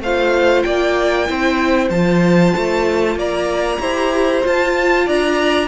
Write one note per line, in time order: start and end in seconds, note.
0.00 0.63 A3
0.00 1.27 F4
0.00 0.66 C5
0.00 0.62 F5
0.62 1.29 A#3
0.62 1.29 D5
0.62 1.89 G5
1.27 1.90 C4
1.27 1.90 E4
1.27 3.18 C5
1.90 2.53 F3
1.90 3.82 F4
1.90 3.16 A5
2.57 3.15 A3
3.15 3.79 A#3
3.15 3.81 D5
3.15 4.45 A#5
3.80 4.43 E4
3.80 4.42 G4
3.80 5.06 C5
4.42 5.68 F4
4.42 5.07 F4
4.42 5.08 A5
5.06 5.68 D4
5.06 5.68 D5
5.06 5.68 A#5